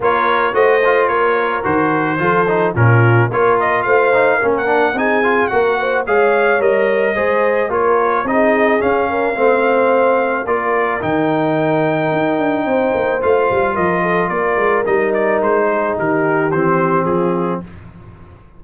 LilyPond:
<<
  \new Staff \with { instrumentName = "trumpet" } { \time 4/4 \tempo 4 = 109 cis''4 dis''4 cis''4 c''4~ | c''4 ais'4 cis''8 dis''8 f''4~ | f''16 fis''8. gis''4 fis''4 f''4 | dis''2 cis''4 dis''4 |
f''2. d''4 | g''1 | f''4 dis''4 d''4 dis''8 d''8 | c''4 ais'4 c''4 gis'4 | }
  \new Staff \with { instrumentName = "horn" } { \time 4/4 ais'4 c''4 ais'2 | a'4 f'4 ais'4 c''4 | ais'4 gis'4 ais'8 c''8 cis''4~ | cis''4 c''4 ais'4 gis'4~ |
gis'8 ais'8 c''2 ais'4~ | ais'2. c''4~ | c''4 ais'8 a'8 ais'2~ | ais'8 gis'8 g'2 f'4 | }
  \new Staff \with { instrumentName = "trombone" } { \time 4/4 f'4 fis'8 f'4. fis'4 | f'8 dis'8 cis'4 f'4. dis'8 | cis'8 d'8 dis'8 f'8 fis'4 gis'4 | ais'4 gis'4 f'4 dis'4 |
cis'4 c'2 f'4 | dis'1 | f'2. dis'4~ | dis'2 c'2 | }
  \new Staff \with { instrumentName = "tuba" } { \time 4/4 ais4 a4 ais4 dis4 | f4 ais,4 ais4 a4 | ais4 c'4 ais4 gis4 | g4 gis4 ais4 c'4 |
cis'4 a2 ais4 | dis2 dis'8 d'8 c'8 ais8 | a8 g8 f4 ais8 gis8 g4 | gis4 dis4 e4 f4 | }
>>